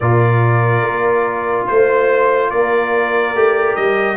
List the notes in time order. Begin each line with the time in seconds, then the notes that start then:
0.00 A#2 F4 A#4 D5
0.82 A#3
1.66 A3 C5
2.50 A#3 A#4 D5
3.34 A3 G4
3.75 G3 D#5